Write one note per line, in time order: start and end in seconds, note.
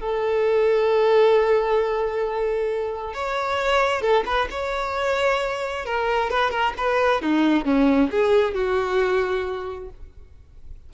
0.00 3.14 A4
3.14 4.02 C#5
4.02 4.24 A4
4.26 4.49 B4
4.51 5.86 C#5
5.86 6.31 A#4
6.31 6.51 B4
6.51 6.74 A#4
6.78 7.22 B4
7.22 7.65 D#4
7.65 8.10 C#4
8.11 8.54 G#4
8.54 9.90 F#4